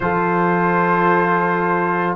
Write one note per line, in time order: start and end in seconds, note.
0.00 2.15 F3
0.00 2.16 F4
0.00 2.16 A4
0.00 2.16 C5